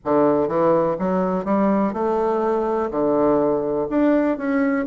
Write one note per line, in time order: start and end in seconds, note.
0.04 0.48 D3
0.48 0.96 E3
0.99 1.45 F#3
1.45 1.93 G3
1.93 2.89 A3
2.90 3.87 D3
3.89 4.37 D4
4.37 4.86 C#4